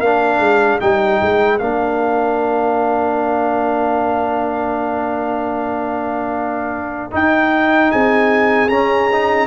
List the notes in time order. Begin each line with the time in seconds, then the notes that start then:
0.00 A#3 D4 A#4 F5
0.39 G#3
0.81 G3 D#4 G5
1.22 G#3
1.59 A#3 D4 F5
7.12 D#4 G5
7.91 C4 G#4 G#5
8.69 C#4 A#5
9.13 D#4